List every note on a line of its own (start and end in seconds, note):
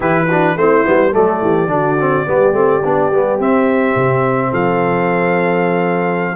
0.00 0.55 E3
0.00 0.27 E4
0.00 0.25 G4
0.00 0.57 B4
0.28 0.57 D4
0.28 0.56 F#4
0.55 0.84 A3
0.55 0.85 C4
0.55 1.11 E4
0.55 1.14 C5
0.85 1.15 G3
0.85 1.12 B3
1.11 1.41 F#3
1.11 1.68 A3
1.11 1.40 A4
1.11 3.40 D5
1.41 1.67 E3
1.41 1.70 G4
1.67 2.24 D3
1.67 1.96 D4
1.67 2.27 F#4
2.00 2.26 C4
2.26 2.52 G3
2.26 2.53 B3
2.26 4.50 G4
2.52 2.80 A3
2.52 2.81 C4
2.84 3.11 B3
2.84 3.12 D4
3.11 3.38 G3
3.11 3.39 B3
3.38 3.95 C4
3.38 6.35 C4
3.38 4.53 E5
3.95 4.52 C3
4.50 6.35 F3
4.50 6.34 A4
4.50 6.35 F5